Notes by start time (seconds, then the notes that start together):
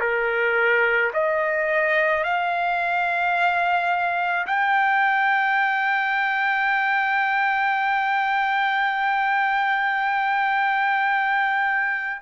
0.00 A#4
1.13 D#5
2.24 F5
4.46 G5